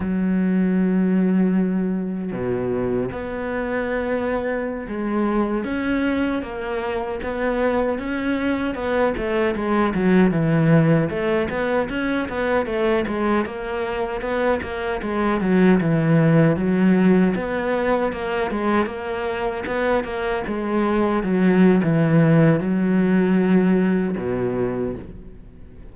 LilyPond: \new Staff \with { instrumentName = "cello" } { \time 4/4 \tempo 4 = 77 fis2. b,4 | b2~ b16 gis4 cis'8.~ | cis'16 ais4 b4 cis'4 b8 a16~ | a16 gis8 fis8 e4 a8 b8 cis'8 b16~ |
b16 a8 gis8 ais4 b8 ais8 gis8 fis16~ | fis16 e4 fis4 b4 ais8 gis16~ | gis16 ais4 b8 ais8 gis4 fis8. | e4 fis2 b,4 | }